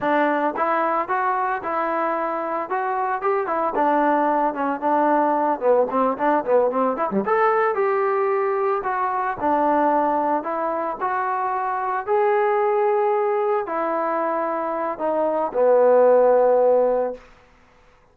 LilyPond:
\new Staff \with { instrumentName = "trombone" } { \time 4/4 \tempo 4 = 112 d'4 e'4 fis'4 e'4~ | e'4 fis'4 g'8 e'8 d'4~ | d'8 cis'8 d'4. b8 c'8 d'8 | b8 c'8 e'16 g16 a'4 g'4.~ |
g'8 fis'4 d'2 e'8~ | e'8 fis'2 gis'4.~ | gis'4. e'2~ e'8 | dis'4 b2. | }